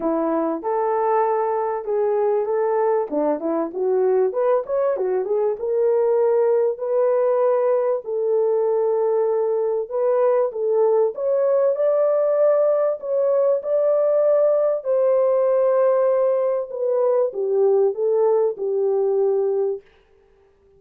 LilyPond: \new Staff \with { instrumentName = "horn" } { \time 4/4 \tempo 4 = 97 e'4 a'2 gis'4 | a'4 d'8 e'8 fis'4 b'8 cis''8 | fis'8 gis'8 ais'2 b'4~ | b'4 a'2. |
b'4 a'4 cis''4 d''4~ | d''4 cis''4 d''2 | c''2. b'4 | g'4 a'4 g'2 | }